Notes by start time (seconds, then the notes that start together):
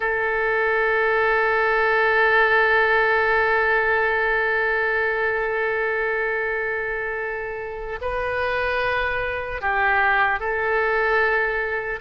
0.00 A4
8.01 B4
9.61 G4
10.39 A4